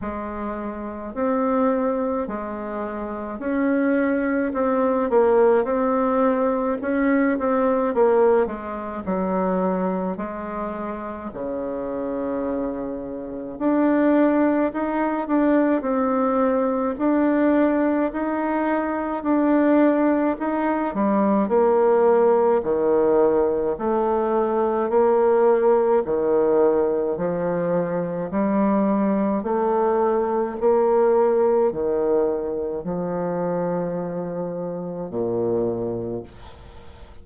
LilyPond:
\new Staff \with { instrumentName = "bassoon" } { \time 4/4 \tempo 4 = 53 gis4 c'4 gis4 cis'4 | c'8 ais8 c'4 cis'8 c'8 ais8 gis8 | fis4 gis4 cis2 | d'4 dis'8 d'8 c'4 d'4 |
dis'4 d'4 dis'8 g8 ais4 | dis4 a4 ais4 dis4 | f4 g4 a4 ais4 | dis4 f2 ais,4 | }